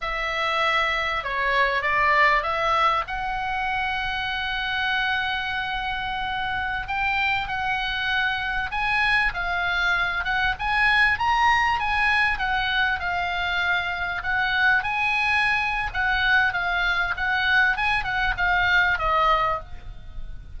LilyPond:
\new Staff \with { instrumentName = "oboe" } { \time 4/4 \tempo 4 = 98 e''2 cis''4 d''4 | e''4 fis''2.~ | fis''2.~ fis''16 g''8.~ | g''16 fis''2 gis''4 f''8.~ |
f''8. fis''8 gis''4 ais''4 gis''8.~ | gis''16 fis''4 f''2 fis''8.~ | fis''16 gis''4.~ gis''16 fis''4 f''4 | fis''4 gis''8 fis''8 f''4 dis''4 | }